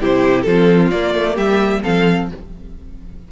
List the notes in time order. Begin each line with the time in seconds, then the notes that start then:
0.00 C3 E4 G4 C5
0.41 F3 C4 F4 A4
0.90 A#3 D5
1.14 A3
1.34 G3 G4 E5
1.82 F3 C4 A4 F5